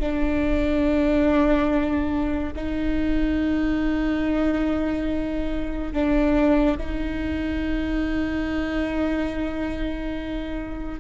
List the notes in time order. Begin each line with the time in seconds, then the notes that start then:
0.00 D4
2.56 D#4
5.93 D4
6.78 D#4